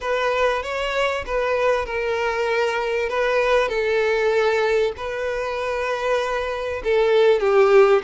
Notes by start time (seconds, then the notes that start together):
0.01 B4
0.62 C#5
1.26 B4
1.85 A#4
3.09 B4
3.68 A4
4.96 B4
6.84 A4
7.40 G4